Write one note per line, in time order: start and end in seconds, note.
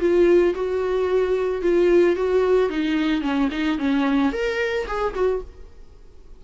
0.00 0.54 F4
0.55 1.62 F#4
1.62 2.16 F4
2.16 2.70 F#4
2.70 3.22 D#4
3.22 3.49 C#4
3.52 3.78 D#4
3.78 4.32 C#4
4.32 4.86 A#4
4.87 5.14 G#4
5.14 5.42 F#4